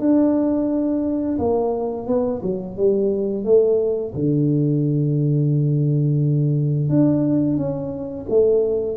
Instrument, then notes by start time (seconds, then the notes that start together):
tuba
0.00 D4
1.39 A#3
2.07 B3
2.43 F#3
2.77 G3
3.45 A3
4.15 D3
6.90 D4
7.57 C#4
8.29 A3